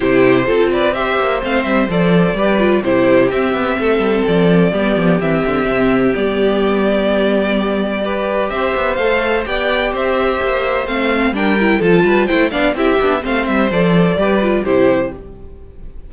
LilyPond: <<
  \new Staff \with { instrumentName = "violin" } { \time 4/4 \tempo 4 = 127 c''4. d''8 e''4 f''8 e''8 | d''2 c''4 e''4~ | e''4 d''2 e''4~ | e''4 d''2.~ |
d''2 e''4 f''4 | g''4 e''2 f''4 | g''4 a''4 g''8 f''8 e''4 | f''8 e''8 d''2 c''4 | }
  \new Staff \with { instrumentName = "violin" } { \time 4/4 g'4 a'8 b'8 c''2~ | c''4 b'4 g'2 | a'2 g'2~ | g'1~ |
g'4 b'4 c''2 | d''4 c''2. | ais'4 a'8 b'8 c''8 d''8 g'4 | c''2 b'4 g'4 | }
  \new Staff \with { instrumentName = "viola" } { \time 4/4 e'4 f'4 g'4 c'4 | a'4 g'8 f'8 e'4 c'4~ | c'2 b4 c'4~ | c'4 b2.~ |
b4 g'2 a'4 | g'2. c'4 | d'8 e'8 f'4 e'8 d'8 e'8 d'8 | c'4 a'4 g'8 f'8 e'4 | }
  \new Staff \with { instrumentName = "cello" } { \time 4/4 c4 c'4. ais8 a8 g8 | f4 g4 c4 c'8 b8 | a8 g8 f4 g8 f8 e8 d8 | c4 g2.~ |
g2 c'8 b8 a4 | b4 c'4 ais4 a4 | g4 f8 g8 a8 b8 c'8 b8 | a8 g8 f4 g4 c4 | }
>>